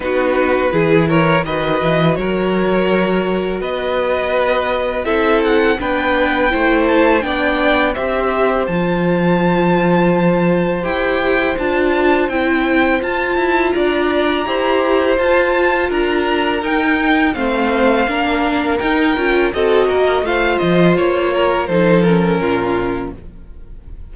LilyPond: <<
  \new Staff \with { instrumentName = "violin" } { \time 4/4 \tempo 4 = 83 b'4. cis''8 dis''4 cis''4~ | cis''4 dis''2 e''8 fis''8 | g''4. a''8 g''4 e''4 | a''2. g''4 |
a''4 g''4 a''4 ais''4~ | ais''4 a''4 ais''4 g''4 | f''2 g''4 dis''4 | f''8 dis''8 cis''4 c''8 ais'4. | }
  \new Staff \with { instrumentName = "violin" } { \time 4/4 fis'4 gis'8 ais'8 b'4 ais'4~ | ais'4 b'2 a'4 | b'4 c''4 d''4 c''4~ | c''1~ |
c''2. d''4 | c''2 ais'2 | c''4 ais'2 a'8 ais'8 | c''4. ais'8 a'4 f'4 | }
  \new Staff \with { instrumentName = "viola" } { \time 4/4 dis'4 e'4 fis'2~ | fis'2. e'4 | d'4 e'4 d'4 g'4 | f'2. g'4 |
f'4 e'4 f'2 | g'4 f'2 dis'4 | c'4 d'4 dis'8 f'8 fis'4 | f'2 dis'8 cis'4. | }
  \new Staff \with { instrumentName = "cello" } { \time 4/4 b4 e4 dis8 e8 fis4~ | fis4 b2 c'4 | b4 a4 b4 c'4 | f2. e'4 |
d'4 c'4 f'8 e'8 d'4 | e'4 f'4 d'4 dis'4 | a4 ais4 dis'8 cis'8 c'8 ais8 | a8 f8 ais4 f4 ais,4 | }
>>